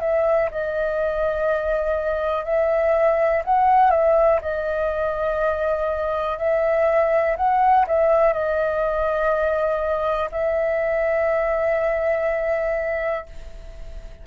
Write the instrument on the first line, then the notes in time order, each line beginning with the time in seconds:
flute
0.00 E5
0.51 D#5
2.45 E5
3.45 F#5
3.90 E5
4.42 D#5
6.38 E5
7.37 F#5
7.88 E5
8.33 D#5
10.31 E5